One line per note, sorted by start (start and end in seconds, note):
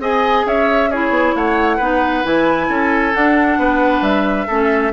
0.00 0.45 C4
0.00 0.90 G#4
0.00 0.46 D#5
0.00 0.48 G#5
0.46 1.10 C#4
0.46 0.90 C#5
0.46 0.92 E5
0.90 1.81 E4
0.90 1.35 G#4
0.90 1.36 C#5
1.10 1.32 B3
1.36 1.79 A3
1.36 1.77 C#5
1.36 2.26 F#5
1.77 2.24 B3
1.77 2.24 D#4
1.77 2.67 B4
2.24 2.69 E3
2.24 3.14 E4
2.24 3.15 G#5
2.69 3.14 C#4
2.69 3.59 A4
3.14 4.48 D4
3.14 3.58 D4
3.14 4.04 F#5
3.58 4.02 B3
3.58 4.48 B4
4.02 4.46 G3
4.02 4.93 E5
4.48 4.94 A3
4.48 4.94 C#4
4.48 4.92 A4